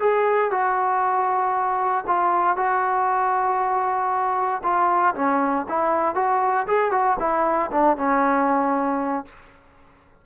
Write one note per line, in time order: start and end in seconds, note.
0.00 0.51 G#4
0.51 2.05 F#4
2.07 2.57 F4
2.57 4.62 F#4
4.63 5.14 F4
5.15 5.66 C#4
5.69 6.15 E4
6.15 6.66 F#4
6.67 6.91 G#4
6.91 7.17 F#4
7.19 7.71 E4
7.72 7.97 D4
7.97 9.25 C#4